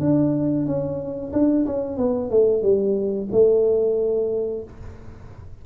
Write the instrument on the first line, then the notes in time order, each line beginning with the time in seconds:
tuba
0.00 D4
0.66 C#4
1.32 D4
1.66 C#4
1.97 B3
2.30 A3
2.62 G3
3.32 A3